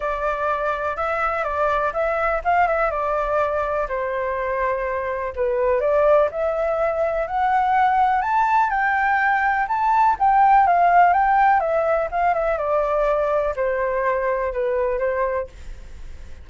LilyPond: \new Staff \with { instrumentName = "flute" } { \time 4/4 \tempo 4 = 124 d''2 e''4 d''4 | e''4 f''8 e''8 d''2 | c''2. b'4 | d''4 e''2 fis''4~ |
fis''4 a''4 g''2 | a''4 g''4 f''4 g''4 | e''4 f''8 e''8 d''2 | c''2 b'4 c''4 | }